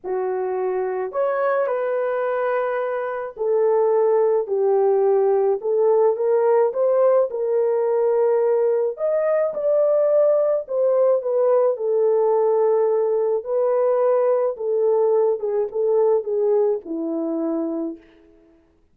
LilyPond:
\new Staff \with { instrumentName = "horn" } { \time 4/4 \tempo 4 = 107 fis'2 cis''4 b'4~ | b'2 a'2 | g'2 a'4 ais'4 | c''4 ais'2. |
dis''4 d''2 c''4 | b'4 a'2. | b'2 a'4. gis'8 | a'4 gis'4 e'2 | }